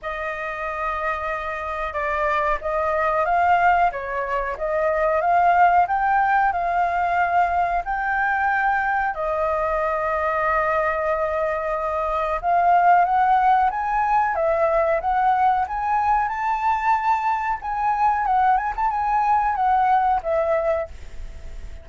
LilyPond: \new Staff \with { instrumentName = "flute" } { \time 4/4 \tempo 4 = 92 dis''2. d''4 | dis''4 f''4 cis''4 dis''4 | f''4 g''4 f''2 | g''2 dis''2~ |
dis''2. f''4 | fis''4 gis''4 e''4 fis''4 | gis''4 a''2 gis''4 | fis''8 gis''16 a''16 gis''4 fis''4 e''4 | }